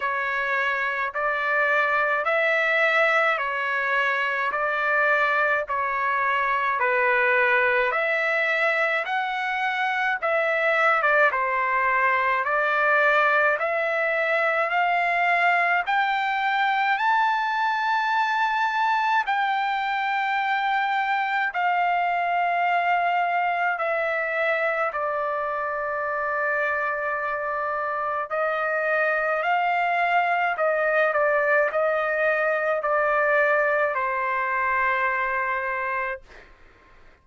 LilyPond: \new Staff \with { instrumentName = "trumpet" } { \time 4/4 \tempo 4 = 53 cis''4 d''4 e''4 cis''4 | d''4 cis''4 b'4 e''4 | fis''4 e''8. d''16 c''4 d''4 | e''4 f''4 g''4 a''4~ |
a''4 g''2 f''4~ | f''4 e''4 d''2~ | d''4 dis''4 f''4 dis''8 d''8 | dis''4 d''4 c''2 | }